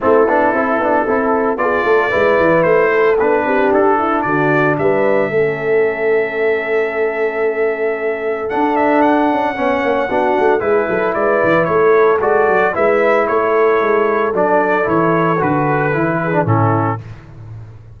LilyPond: <<
  \new Staff \with { instrumentName = "trumpet" } { \time 4/4 \tempo 4 = 113 a'2. d''4~ | d''4 c''4 b'4 a'4 | d''4 e''2.~ | e''1 |
fis''8 e''8 fis''2. | b'4 d''4 cis''4 d''4 | e''4 cis''2 d''4 | cis''4 b'2 a'4 | }
  \new Staff \with { instrumentName = "horn" } { \time 4/4 e'2 a'4 gis'8 a'8 | b'4. a'4 g'4 e'8 | fis'4 b'4 a'2~ | a'1~ |
a'2 cis''4 fis'4 | gis'8 a'8 b'4 a'2 | b'4 a'2.~ | a'2~ a'8 gis'8 e'4 | }
  \new Staff \with { instrumentName = "trombone" } { \time 4/4 c'8 d'8 e'8 d'8 e'4 f'4 | e'2 d'2~ | d'2 cis'2~ | cis'1 |
d'2 cis'4 d'4 | e'2. fis'4 | e'2. d'4 | e'4 fis'4 e'8. d'16 cis'4 | }
  \new Staff \with { instrumentName = "tuba" } { \time 4/4 a8 b8 c'8 b8 c'4 b8 a8 | gis8 e8 a4 b8 c'8 d'4 | d4 g4 a2~ | a1 |
d'4. cis'8 b8 ais8 b8 a8 | gis8 fis8 gis8 e8 a4 gis8 fis8 | gis4 a4 gis4 fis4 | e4 d4 e4 a,4 | }
>>